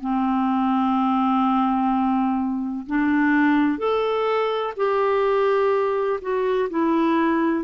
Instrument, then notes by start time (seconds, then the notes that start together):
clarinet
0.00 C4
2.86 D4
3.78 A4
4.77 G4
6.21 F#4
6.70 E4